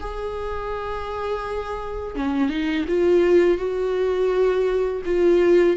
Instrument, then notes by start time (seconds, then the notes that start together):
viola
0.00 G#4
2.15 C#4
2.49 D#4
2.88 F4
3.58 F#4
5.05 F4